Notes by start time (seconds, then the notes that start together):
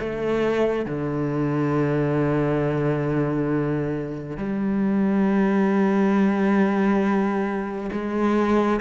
0.00 A3
0.86 D3
4.37 G3
7.92 G#3